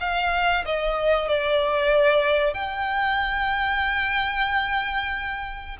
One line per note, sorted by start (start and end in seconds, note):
0.00 0.65 F5
0.65 1.28 D#5
1.28 2.54 D5
2.54 5.76 G5